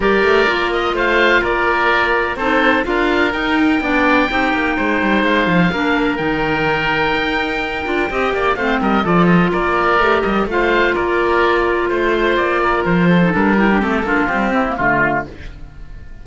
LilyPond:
<<
  \new Staff \with { instrumentName = "oboe" } { \time 4/4 \tempo 4 = 126 d''4. dis''8 f''4 d''4~ | d''4 c''4 f''4 g''4~ | g''2. f''4~ | f''4 g''2.~ |
g''2 f''8 dis''8 d''8 dis''8 | d''4. dis''8 f''4 d''4~ | d''4 c''4 d''4 c''4 | ais'4 a'4 g'4 f'4 | }
  \new Staff \with { instrumentName = "oboe" } { \time 4/4 ais'2 c''4 ais'4~ | ais'4 a'4 ais'2 | d''4 g'4 c''2 | ais'1~ |
ais'4 dis''8 d''8 c''8 ais'8 a'4 | ais'2 c''4 ais'4~ | ais'4 c''4. ais'4 a'8~ | a'8 g'4 f'4 e'8 f'4 | }
  \new Staff \with { instrumentName = "clarinet" } { \time 4/4 g'4 f'2.~ | f'4 dis'4 f'4 dis'4 | d'4 dis'2. | d'4 dis'2.~ |
dis'8 f'8 g'4 c'4 f'4~ | f'4 g'4 f'2~ | f'2.~ f'8. dis'16 | d'8 e'16 d'16 c'8 d'8 g8 c'16 ais16 a4 | }
  \new Staff \with { instrumentName = "cello" } { \time 4/4 g8 a8 ais4 a4 ais4~ | ais4 c'4 d'4 dis'4 | b4 c'8 ais8 gis8 g8 gis8 f8 | ais4 dis2 dis'4~ |
dis'8 d'8 c'8 ais8 a8 g8 f4 | ais4 a8 g8 a4 ais4~ | ais4 a4 ais4 f4 | g4 a8 ais8 c'4 d4 | }
>>